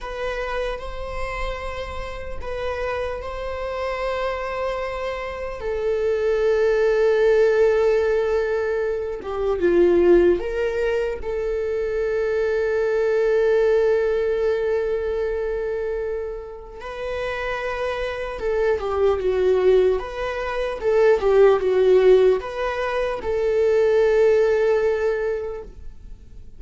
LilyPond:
\new Staff \with { instrumentName = "viola" } { \time 4/4 \tempo 4 = 75 b'4 c''2 b'4 | c''2. a'4~ | a'2.~ a'8 g'8 | f'4 ais'4 a'2~ |
a'1~ | a'4 b'2 a'8 g'8 | fis'4 b'4 a'8 g'8 fis'4 | b'4 a'2. | }